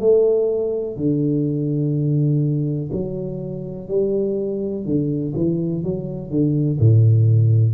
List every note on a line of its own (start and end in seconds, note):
0.00 0.97 A3
0.97 2.91 D3
2.93 3.89 F#3
3.89 4.86 G3
4.86 5.34 D3
5.36 5.84 E3
5.84 6.31 F#3
6.31 6.79 D3
6.80 7.75 A2